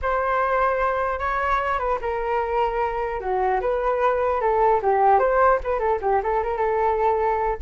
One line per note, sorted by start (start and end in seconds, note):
0.01 1.19 C5
1.19 1.79 C#5
1.79 1.99 B4
2.01 3.20 A#4
3.20 3.60 F#4
3.61 4.40 B4
4.40 4.80 A4
4.82 5.19 G4
5.19 5.59 C5
5.63 5.79 B4
5.79 5.99 A4
6.01 6.21 G4
6.23 6.43 A4
6.43 6.57 A#4
6.57 7.57 A4